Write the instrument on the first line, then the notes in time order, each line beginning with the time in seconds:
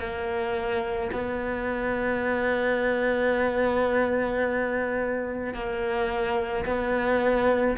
cello
0.00 A#3
1.12 B3
5.54 A#3
6.66 B3